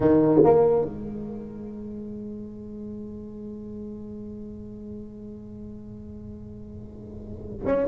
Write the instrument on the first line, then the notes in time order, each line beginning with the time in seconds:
tuba
0.00 D#3
0.44 A#3
0.85 G#3
7.65 C#4